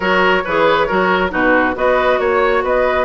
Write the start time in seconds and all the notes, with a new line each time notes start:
0.00 F#3 F#4 A#4 C#5
0.44 E3 G#4 B4
0.87 F#3 F#4 A#4
1.30 B2 D#4 F#4 B4
1.75 B3 F#4 B4 D#5
2.19 A#3 C#5
2.63 B3 B4 D#5